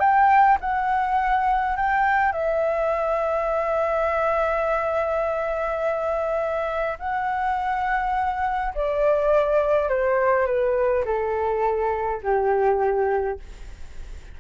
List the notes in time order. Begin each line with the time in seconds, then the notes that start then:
0.00 G5
0.61 F#5
1.77 G5
2.32 E5
6.99 F#5
8.75 D5
9.89 C5
10.46 B4
11.05 A4
12.23 G4